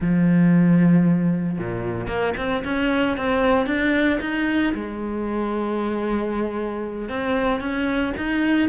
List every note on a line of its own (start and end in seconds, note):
0.00 1.58 F3
1.58 2.07 A#2
2.07 2.33 A#3
2.37 2.63 C4
2.64 3.17 C#4
3.17 3.66 C4
3.66 4.19 D4
4.20 4.73 D#4
4.74 7.09 G#3
7.09 7.60 C4
7.60 8.13 C#4
8.17 8.68 D#4